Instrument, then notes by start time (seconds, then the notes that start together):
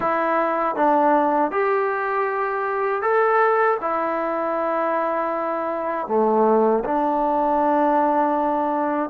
trombone
0.00 E4
0.75 D4
1.51 G4
3.01 A4
3.80 E4
6.07 A3
6.84 D4